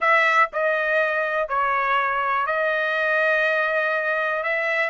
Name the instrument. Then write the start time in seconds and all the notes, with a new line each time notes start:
trumpet
0.00 E5
0.53 D#5
1.48 C#5
2.46 D#5
4.43 E5